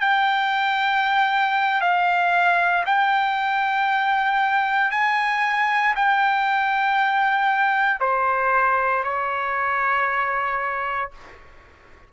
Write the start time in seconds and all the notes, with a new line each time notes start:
0.00 G5
1.81 F5
2.85 G5
4.91 G#5
5.96 G5
8.00 C5
9.04 C#5